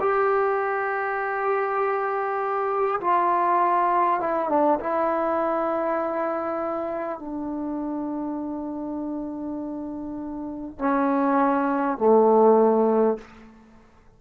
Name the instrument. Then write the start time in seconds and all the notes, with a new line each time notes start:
trombone
0.00 G4
3.01 F4
4.21 E4
4.49 D4
4.80 E4
7.19 D4
10.78 C#4
11.98 A3